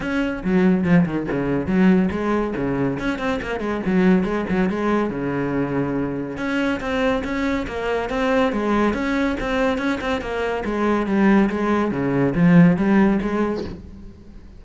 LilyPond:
\new Staff \with { instrumentName = "cello" } { \time 4/4 \tempo 4 = 141 cis'4 fis4 f8 dis8 cis4 | fis4 gis4 cis4 cis'8 c'8 | ais8 gis8 fis4 gis8 fis8 gis4 | cis2. cis'4 |
c'4 cis'4 ais4 c'4 | gis4 cis'4 c'4 cis'8 c'8 | ais4 gis4 g4 gis4 | cis4 f4 g4 gis4 | }